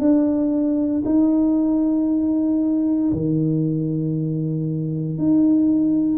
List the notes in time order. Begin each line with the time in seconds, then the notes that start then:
0.00 D4
1.05 D#4
3.13 D#3
5.19 D#4